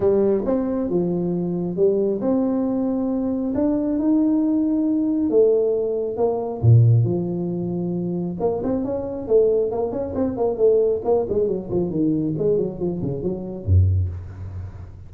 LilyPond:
\new Staff \with { instrumentName = "tuba" } { \time 4/4 \tempo 4 = 136 g4 c'4 f2 | g4 c'2. | d'4 dis'2. | a2 ais4 ais,4 |
f2. ais8 c'8 | cis'4 a4 ais8 cis'8 c'8 ais8 | a4 ais8 gis8 fis8 f8 dis4 | gis8 fis8 f8 cis8 fis4 fis,4 | }